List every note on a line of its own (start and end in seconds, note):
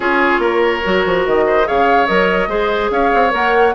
0.00 0.38 C#4
0.00 0.82 F4
0.00 0.40 G#4
0.00 1.25 C#5
0.38 0.80 A#3
0.38 1.45 A#4
0.83 1.05 F#3
0.83 1.64 F#4
1.05 1.26 F3
1.26 1.68 D#3
1.26 1.67 D#5
1.47 1.67 C5
1.64 2.08 C#3
1.64 2.06 G#4
1.64 2.49 C#5
1.64 2.06 F5
2.06 2.47 F#3
2.06 2.48 A#4
2.06 2.89 D#5
2.47 2.89 G#3
2.47 3.30 G#4
2.47 2.90 C5
2.90 3.11 C#4
2.90 3.75 C#5
2.90 3.32 F5
3.14 3.33 C4
3.30 3.75 A#3
3.30 3.72 A#4
3.30 3.75 F#5